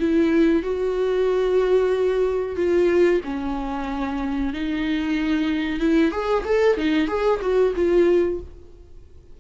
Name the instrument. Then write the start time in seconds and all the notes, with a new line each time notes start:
viola
0.00 E4
0.63 F#4
2.57 F4
3.25 C#4
4.54 D#4
5.80 E4
6.12 G#4
6.45 A4
6.78 D#4
7.08 G#4
7.42 F#4
7.76 F4